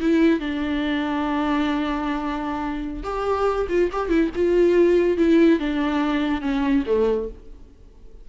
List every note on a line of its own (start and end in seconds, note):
0.00 0.40 E4
0.40 3.03 D4
3.03 3.67 G4
3.69 3.90 F4
3.92 4.09 G4
4.09 4.30 E4
4.35 5.17 F4
5.17 5.59 E4
5.59 6.41 D4
6.41 6.84 C#4
6.86 7.28 A3